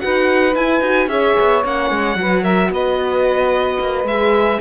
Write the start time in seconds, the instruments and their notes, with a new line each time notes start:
0.00 cello D#4, horn F#4, saxophone B4, violin F#5
0.56 cello E4, horn E4, violin G#5
0.81 cello D#4, horn F#4
1.07 cello C#4, horn G#4, saxophone C#5, violin E5
1.40 cello B3
1.65 cello A#3, horn C#4, violin F#5
1.91 cello G#3
2.16 cello F#3, horn F#4, saxophone B4
2.43 saxophone A#4, violin E5
2.70 cello B3, saxophone B4, violin D#5
3.80 cello A#3
4.04 cello G#3, horn G#4, violin E5